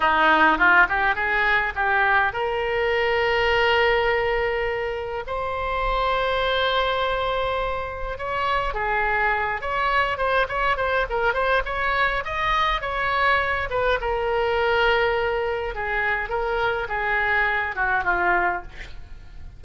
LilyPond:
\new Staff \with { instrumentName = "oboe" } { \time 4/4 \tempo 4 = 103 dis'4 f'8 g'8 gis'4 g'4 | ais'1~ | ais'4 c''2.~ | c''2 cis''4 gis'4~ |
gis'8 cis''4 c''8 cis''8 c''8 ais'8 c''8 | cis''4 dis''4 cis''4. b'8 | ais'2. gis'4 | ais'4 gis'4. fis'8 f'4 | }